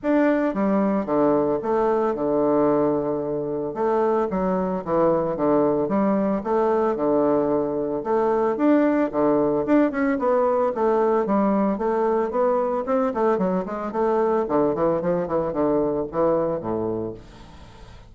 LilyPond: \new Staff \with { instrumentName = "bassoon" } { \time 4/4 \tempo 4 = 112 d'4 g4 d4 a4 | d2. a4 | fis4 e4 d4 g4 | a4 d2 a4 |
d'4 d4 d'8 cis'8 b4 | a4 g4 a4 b4 | c'8 a8 fis8 gis8 a4 d8 e8 | f8 e8 d4 e4 a,4 | }